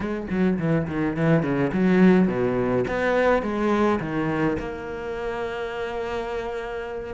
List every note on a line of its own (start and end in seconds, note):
0.00 0.27 G#3
0.29 0.58 F#3
0.58 0.87 E3
0.87 1.16 D#3
1.16 1.42 E3
1.42 1.71 C#3
1.72 2.27 F#3
2.27 2.84 B2
2.87 3.42 B3
3.42 3.99 G#3
4.00 4.57 D#3
4.59 7.14 A#3